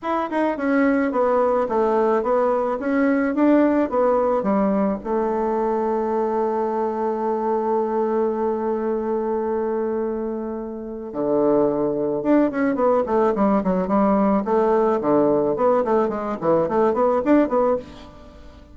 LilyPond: \new Staff \with { instrumentName = "bassoon" } { \time 4/4 \tempo 4 = 108 e'8 dis'8 cis'4 b4 a4 | b4 cis'4 d'4 b4 | g4 a2.~ | a1~ |
a1 | d2 d'8 cis'8 b8 a8 | g8 fis8 g4 a4 d4 | b8 a8 gis8 e8 a8 b8 d'8 b8 | }